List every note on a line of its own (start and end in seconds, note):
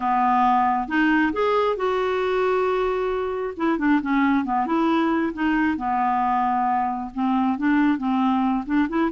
0.00 0.88 B3
0.88 1.32 D#4
1.32 1.76 G#4
1.76 3.54 F#4
3.57 3.78 E4
3.78 4.00 D4
4.01 4.44 C#4
4.44 4.66 B3
4.66 5.33 E4
5.33 5.77 D#4
5.77 7.10 B3
7.13 7.58 C4
7.58 7.98 D4
7.98 8.64 C4
8.65 8.88 D4
8.88 9.11 E4